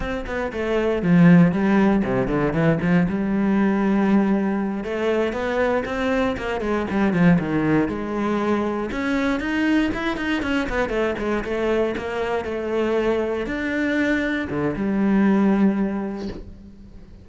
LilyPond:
\new Staff \with { instrumentName = "cello" } { \time 4/4 \tempo 4 = 118 c'8 b8 a4 f4 g4 | c8 d8 e8 f8 g2~ | g4. a4 b4 c'8~ | c'8 ais8 gis8 g8 f8 dis4 gis8~ |
gis4. cis'4 dis'4 e'8 | dis'8 cis'8 b8 a8 gis8 a4 ais8~ | ais8 a2 d'4.~ | d'8 d8 g2. | }